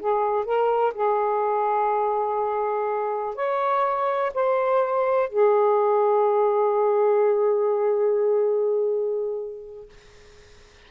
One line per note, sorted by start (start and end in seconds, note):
0.00 0.45 G#4
0.45 0.94 A#4
0.94 3.36 G#4
3.36 4.33 C#5
4.34 5.30 C5
5.30 9.89 G#4